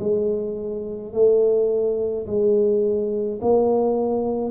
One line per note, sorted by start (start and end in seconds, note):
0.00 1.13 G#3
1.13 2.26 A3
2.26 3.40 G#3
3.42 4.51 A#3